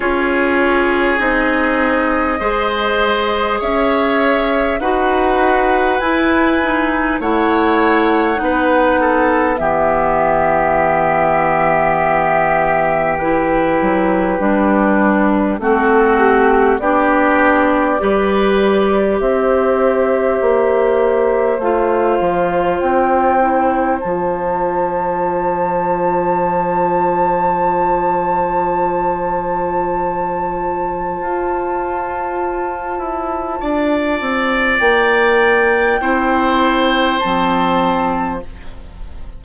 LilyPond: <<
  \new Staff \with { instrumentName = "flute" } { \time 4/4 \tempo 4 = 50 cis''4 dis''2 e''4 | fis''4 gis''4 fis''2 | e''2. b'4~ | b'4 a'8 g'8 d''2 |
e''2 f''4 g''4 | a''1~ | a''1~ | a''4 g''2 a''4 | }
  \new Staff \with { instrumentName = "oboe" } { \time 4/4 gis'2 c''4 cis''4 | b'2 cis''4 b'8 a'8 | g'1~ | g'4 fis'4 g'4 b'4 |
c''1~ | c''1~ | c''1 | d''2 c''2 | }
  \new Staff \with { instrumentName = "clarinet" } { \time 4/4 f'4 dis'4 gis'2 | fis'4 e'8 dis'8 e'4 dis'4 | b2. e'4 | d'4 c'4 d'4 g'4~ |
g'2 f'4. e'8 | f'1~ | f'1~ | f'2 e'4 c'4 | }
  \new Staff \with { instrumentName = "bassoon" } { \time 4/4 cis'4 c'4 gis4 cis'4 | dis'4 e'4 a4 b4 | e2.~ e8 fis8 | g4 a4 b4 g4 |
c'4 ais4 a8 f8 c'4 | f1~ | f2 f'4. e'8 | d'8 c'8 ais4 c'4 f4 | }
>>